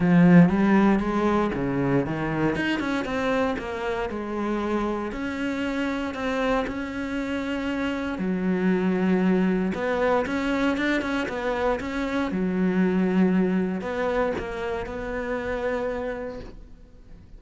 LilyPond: \new Staff \with { instrumentName = "cello" } { \time 4/4 \tempo 4 = 117 f4 g4 gis4 cis4 | dis4 dis'8 cis'8 c'4 ais4 | gis2 cis'2 | c'4 cis'2. |
fis2. b4 | cis'4 d'8 cis'8 b4 cis'4 | fis2. b4 | ais4 b2. | }